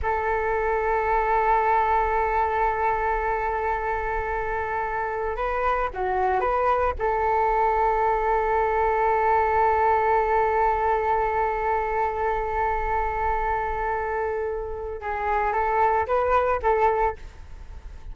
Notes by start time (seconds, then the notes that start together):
0.02 A4
5.36 B4
5.93 F#4
6.40 B4
6.98 A4
15.01 G#4
15.52 A4
16.06 B4
16.62 A4